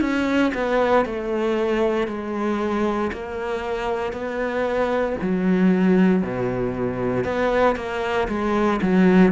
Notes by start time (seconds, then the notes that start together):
0.00 C#4
0.54 B3
1.05 A3
2.07 G#3
3.12 A#3
4.12 B3
5.21 F#3
6.22 B2
7.24 B3
7.75 A#3
8.28 G#3
8.82 F#3